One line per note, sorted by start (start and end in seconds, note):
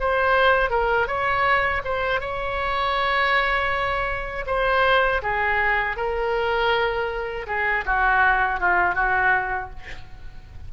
0.00 0.70 C5
0.70 1.07 A#4
1.07 1.82 C#5
1.84 2.20 C5
2.20 4.45 C#5
4.46 5.21 C5
5.22 5.96 G#4
5.96 7.46 A#4
7.47 7.84 G#4
7.85 8.60 F#4
8.60 8.95 F4
8.95 9.70 F#4